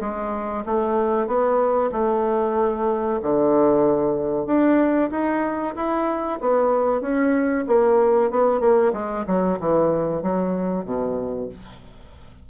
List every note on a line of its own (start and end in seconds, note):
0.00 0.64 G#3
0.65 1.26 A3
1.26 1.90 B3
1.91 3.19 A3
3.21 4.46 D3
4.46 5.10 D4
5.10 5.74 D#4
5.75 6.39 E4
6.40 7.01 B3
7.01 7.65 C#4
7.67 8.30 A#3
8.30 8.60 B3
8.60 8.92 A#3
8.93 9.25 G#3
9.26 9.58 F#3
9.59 10.22 E3
10.22 10.84 F#3
10.84 11.48 B2